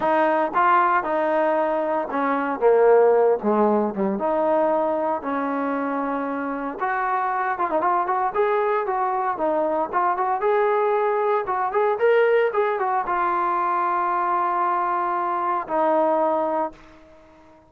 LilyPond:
\new Staff \with { instrumentName = "trombone" } { \time 4/4 \tempo 4 = 115 dis'4 f'4 dis'2 | cis'4 ais4. gis4 g8 | dis'2 cis'2~ | cis'4 fis'4. f'16 dis'16 f'8 fis'8 |
gis'4 fis'4 dis'4 f'8 fis'8 | gis'2 fis'8 gis'8 ais'4 | gis'8 fis'8 f'2.~ | f'2 dis'2 | }